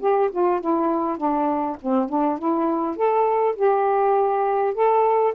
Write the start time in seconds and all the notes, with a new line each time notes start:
0.00 G4
0.31 F4
0.60 E4
1.17 D4
1.81 C4
2.09 D4
2.38 E4
2.96 A4
3.56 G4
4.74 A4